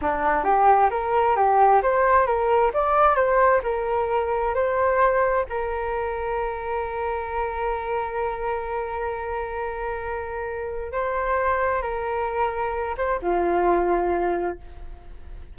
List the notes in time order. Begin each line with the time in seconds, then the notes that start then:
0.01 D4
0.44 G4
0.90 A#4
1.36 G4
1.82 C5
2.26 A#4
2.73 D5
3.15 C5
3.63 A#4
4.54 C5
5.49 A#4
10.92 C5
11.82 A#4
12.97 C5
13.21 F4